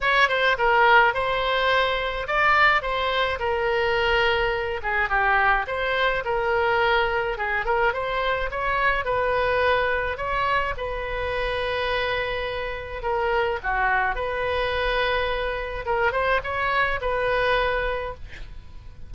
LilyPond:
\new Staff \with { instrumentName = "oboe" } { \time 4/4 \tempo 4 = 106 cis''8 c''8 ais'4 c''2 | d''4 c''4 ais'2~ | ais'8 gis'8 g'4 c''4 ais'4~ | ais'4 gis'8 ais'8 c''4 cis''4 |
b'2 cis''4 b'4~ | b'2. ais'4 | fis'4 b'2. | ais'8 c''8 cis''4 b'2 | }